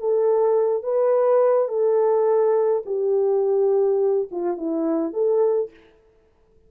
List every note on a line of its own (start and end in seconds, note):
0.00 0.84 A4
0.84 1.69 B4
1.69 2.83 A4
2.86 4.29 G4
4.31 4.57 F4
4.57 5.14 E4
5.14 5.71 A4